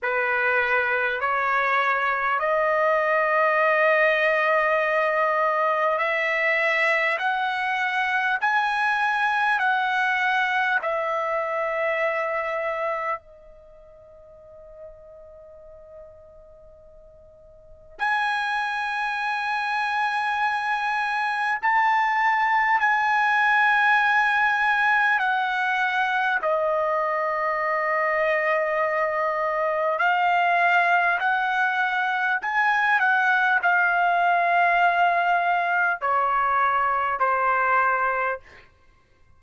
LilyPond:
\new Staff \with { instrumentName = "trumpet" } { \time 4/4 \tempo 4 = 50 b'4 cis''4 dis''2~ | dis''4 e''4 fis''4 gis''4 | fis''4 e''2 dis''4~ | dis''2. gis''4~ |
gis''2 a''4 gis''4~ | gis''4 fis''4 dis''2~ | dis''4 f''4 fis''4 gis''8 fis''8 | f''2 cis''4 c''4 | }